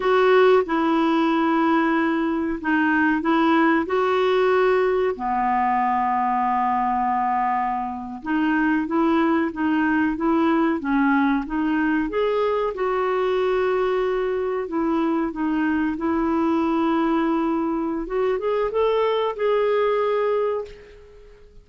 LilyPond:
\new Staff \with { instrumentName = "clarinet" } { \time 4/4 \tempo 4 = 93 fis'4 e'2. | dis'4 e'4 fis'2 | b1~ | b8. dis'4 e'4 dis'4 e'16~ |
e'8. cis'4 dis'4 gis'4 fis'16~ | fis'2~ fis'8. e'4 dis'16~ | dis'8. e'2.~ e'16 | fis'8 gis'8 a'4 gis'2 | }